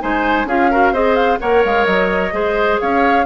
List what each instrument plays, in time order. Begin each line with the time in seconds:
0.00 bassoon G#3, clarinet D#4, oboe C5, flute G#5
0.45 bassoon C#4, clarinet F4, oboe G#4, flute F5
0.70 clarinet F#4, oboe A#4
0.92 bassoon C4, clarinet G#4, oboe C5, flute D#5
1.15 flute F5
1.39 bassoon A#3, clarinet A#4, oboe C#5, flute F#5
1.64 bassoon G#3, flute F5
1.85 bassoon F#3, flute D#5
2.32 bassoon G#3, clarinet G#4, oboe C5
2.80 bassoon C#4, oboe C#5, flute F5